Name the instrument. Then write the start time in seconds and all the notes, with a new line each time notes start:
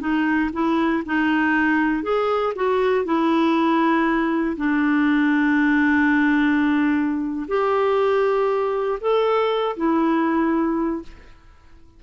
clarinet
0.00 D#4
0.53 E4
1.06 D#4
2.03 G#4
2.56 F#4
3.05 E4
4.57 D4
7.48 G4
9.00 A4
9.76 E4